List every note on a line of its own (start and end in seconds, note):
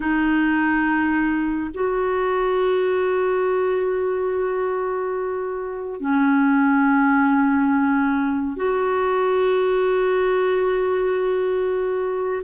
0.00 1.70 D#4
1.74 6.00 F#4
6.00 8.56 C#4
8.56 12.42 F#4